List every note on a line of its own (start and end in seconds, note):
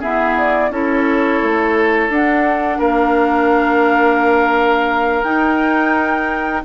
0.00 0.72 B3
0.00 0.70 E4
0.00 0.70 G#4
0.00 0.37 E5
0.37 0.72 D5
0.70 1.40 C#4
0.70 2.11 E4
0.70 2.78 A4
0.70 2.11 C#5
1.43 2.09 A3
2.09 2.79 D4
2.09 5.24 D4
2.09 2.81 F#5
2.78 5.23 A#3
2.78 6.62 A#4
2.78 5.23 F5
5.23 6.63 D#4
5.23 6.63 G5